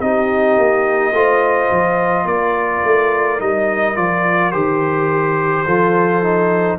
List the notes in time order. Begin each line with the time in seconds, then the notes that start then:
0.00 C4 D#4 G4 D#5
0.58 A#3
1.13 A3 F4 C5
1.72 F3
2.25 A#3 A#4 D5
2.84 A3
3.40 G3 D#4 D#5
3.96 F3 F4 D5
4.52 D#3 G4 C5
5.65 F3 F4 A4
6.23 D#4